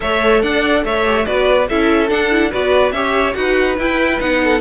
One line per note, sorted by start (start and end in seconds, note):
0.00 0.43 A3
0.00 1.04 A4
0.00 0.42 C#5
0.00 0.42 E5
0.42 0.84 D4
0.42 0.84 D5
0.42 0.84 F#5
0.84 1.26 A3
0.84 1.26 C#5
0.84 1.25 E5
1.04 1.25 G4
1.25 1.69 B3
1.25 1.68 F#4
1.25 1.68 B4
1.25 1.67 D5
1.68 2.10 C#4
1.68 2.08 E4
1.68 2.51 A4
1.68 2.09 E5
2.08 2.28 D4
2.08 2.52 D4
2.08 2.51 F#5
2.31 2.51 E4
2.51 2.91 B3
2.51 2.93 F#4
2.51 2.93 B4
2.51 2.92 D5
2.91 3.33 C#4
2.91 3.34 G4
2.91 3.36 C#5
2.91 3.34 E5
3.34 3.78 D#4
3.34 3.76 F#4
3.34 4.42 B4
3.34 3.76 F#5
3.78 4.20 E4
3.78 4.18 E4
3.78 4.20 G5
4.18 4.60 B3
4.18 4.60 D#4
4.18 4.60 F#5
4.44 4.60 A4